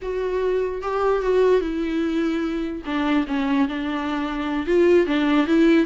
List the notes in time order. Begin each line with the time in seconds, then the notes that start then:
0.02 F#4
0.82 G4
1.22 F#4
1.60 E4
2.85 D4
3.27 C#4
3.68 D4
4.66 F4
5.06 D4
5.46 E4